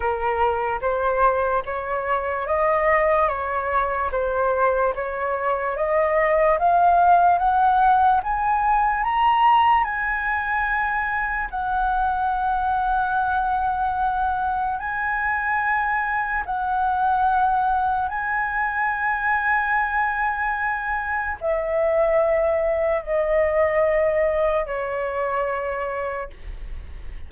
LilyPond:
\new Staff \with { instrumentName = "flute" } { \time 4/4 \tempo 4 = 73 ais'4 c''4 cis''4 dis''4 | cis''4 c''4 cis''4 dis''4 | f''4 fis''4 gis''4 ais''4 | gis''2 fis''2~ |
fis''2 gis''2 | fis''2 gis''2~ | gis''2 e''2 | dis''2 cis''2 | }